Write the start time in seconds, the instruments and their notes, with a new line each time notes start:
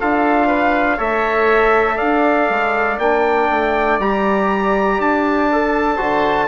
0.00 bassoon D4, trombone F4, oboe A4, trumpet F5
0.47 oboe B4
0.97 bassoon A3, trombone A4, oboe C#5, trumpet E5
1.96 bassoon D4, oboe D5, trumpet F5
2.50 bassoon G#3
2.99 bassoon A#3, trombone D4, trumpet G5
3.51 bassoon A3
4.00 bassoon G3, trombone G4, trumpet A#5
4.99 bassoon D4, trumpet A5
5.53 trombone A4
5.96 bassoon D3, trombone F#4, oboe C5